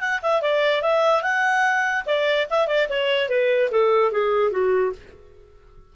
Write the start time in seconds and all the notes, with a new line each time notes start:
0.00 F#5
0.22 E5
0.42 D5
0.82 E5
1.23 F#5
2.06 D5
2.50 E5
2.67 D5
2.90 C#5
3.29 B4
3.71 A4
4.12 G#4
4.51 F#4